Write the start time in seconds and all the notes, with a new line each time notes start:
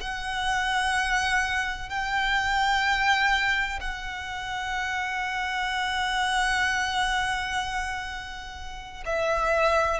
0.00 F#5
1.89 G5
3.80 F#5
9.06 E5